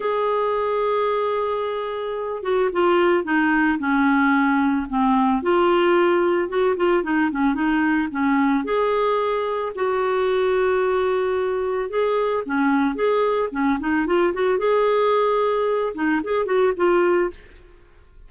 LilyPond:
\new Staff \with { instrumentName = "clarinet" } { \time 4/4 \tempo 4 = 111 gis'1~ | gis'8 fis'8 f'4 dis'4 cis'4~ | cis'4 c'4 f'2 | fis'8 f'8 dis'8 cis'8 dis'4 cis'4 |
gis'2 fis'2~ | fis'2 gis'4 cis'4 | gis'4 cis'8 dis'8 f'8 fis'8 gis'4~ | gis'4. dis'8 gis'8 fis'8 f'4 | }